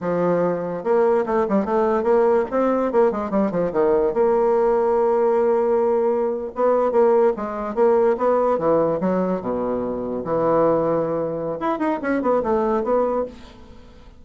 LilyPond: \new Staff \with { instrumentName = "bassoon" } { \time 4/4 \tempo 4 = 145 f2 ais4 a8 g8 | a4 ais4 c'4 ais8 gis8 | g8 f8 dis4 ais2~ | ais2.~ ais8. b16~ |
b8. ais4 gis4 ais4 b16~ | b8. e4 fis4 b,4~ b,16~ | b,8. e2.~ e16 | e'8 dis'8 cis'8 b8 a4 b4 | }